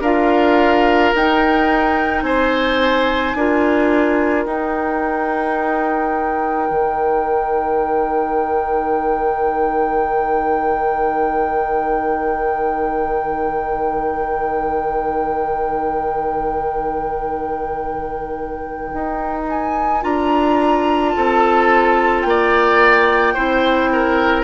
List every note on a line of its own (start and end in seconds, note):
0.00 1.11 D4
0.00 1.15 F4
0.00 2.23 A#4
0.00 1.14 F5
1.14 2.22 D#4
1.14 3.37 D#4
1.14 2.22 G5
2.22 3.33 C4
2.22 3.37 C5
2.22 4.44 G#5
3.34 4.45 D4
3.34 4.48 F4
3.34 21.15 A#4
4.44 6.68 D#4
4.44 20.01 D#4
4.44 19.44 G5
6.70 18.92 D#3
18.93 20.04 D#4
19.49 20.03 G#5
20.01 21.15 D4
20.01 23.35 F4
20.01 21.09 A#5
21.09 22.21 A5
21.16 22.24 C4
21.16 22.27 A4
22.21 23.35 A#3
22.21 24.43 G5
22.29 23.34 D5
23.34 24.44 C4
23.34 24.44 E4
23.34 23.89 C5
23.93 24.44 A#4